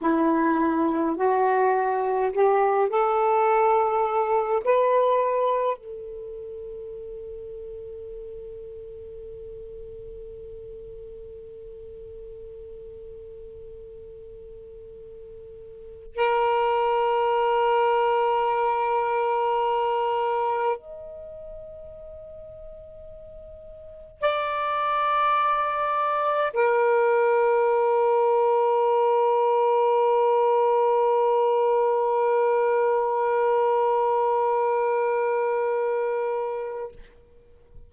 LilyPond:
\new Staff \with { instrumentName = "saxophone" } { \time 4/4 \tempo 4 = 52 e'4 fis'4 g'8 a'4. | b'4 a'2.~ | a'1~ | a'2 ais'2~ |
ais'2 dis''2~ | dis''4 d''2 ais'4~ | ais'1~ | ais'1 | }